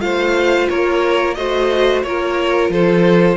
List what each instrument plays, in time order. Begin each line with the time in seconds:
0.00 cello A3, viola F4, violin C5 F5
0.69 cello A#3, violin A#4 C#5
1.35 cello A3, viola F#4, violin C5 D#5
2.03 cello A#3, viola F4, violin A#4 C#5
2.70 cello F3, violin A4 C5